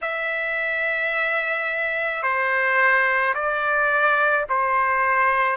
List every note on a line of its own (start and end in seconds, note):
0.01 2.22 E5
2.22 3.33 C5
3.34 4.45 D5
4.48 5.56 C5